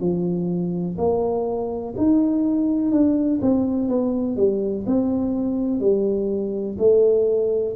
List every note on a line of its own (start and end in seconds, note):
0.00 0.97 F3
0.98 1.95 A#3
1.98 2.92 D#4
2.92 3.40 D4
3.42 3.89 C4
3.89 4.37 B3
4.37 4.85 G3
4.87 5.80 C4
5.80 6.77 G3
6.79 7.76 A3